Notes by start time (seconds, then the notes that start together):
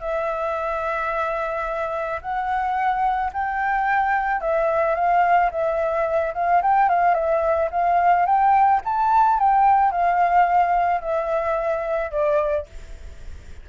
0.00 E5
2.21 F#5
3.33 G5
4.41 E5
4.95 F5
5.51 E5
6.34 F5
6.62 G5
6.89 F5
7.14 E5
7.71 F5
8.26 G5
8.85 A5
9.39 G5
9.91 F5
11.01 E5
12.11 D5